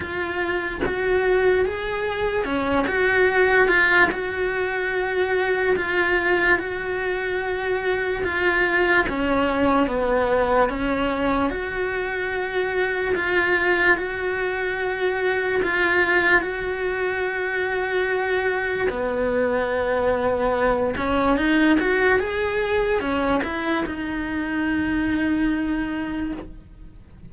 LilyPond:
\new Staff \with { instrumentName = "cello" } { \time 4/4 \tempo 4 = 73 f'4 fis'4 gis'4 cis'8 fis'8~ | fis'8 f'8 fis'2 f'4 | fis'2 f'4 cis'4 | b4 cis'4 fis'2 |
f'4 fis'2 f'4 | fis'2. b4~ | b4. cis'8 dis'8 fis'8 gis'4 | cis'8 e'8 dis'2. | }